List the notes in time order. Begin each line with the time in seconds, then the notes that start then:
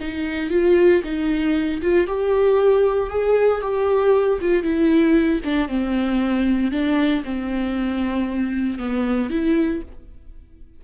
0.00 D#4
0.50 F4
1.03 D#4
1.82 F4
2.07 G4
3.09 G#4
3.61 G4
4.41 F4
4.63 E4
5.44 D4
5.68 C4
6.71 D4
7.24 C4
8.78 B3
9.29 E4